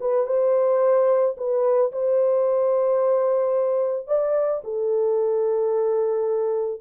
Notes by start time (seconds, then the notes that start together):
0.00 B4
0.26 C5
1.37 B4
1.92 C5
4.07 D5
4.64 A4